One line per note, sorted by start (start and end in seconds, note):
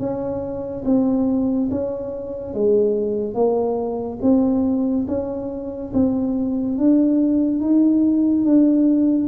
0.00 0.85 C#4
0.86 1.70 C4
1.72 2.54 C#4
2.54 3.35 G#3
3.35 4.19 A#3
4.22 5.07 C4
5.08 5.93 C#4
5.94 6.78 C4
6.78 7.61 D4
7.61 8.45 D#4
8.45 9.28 D4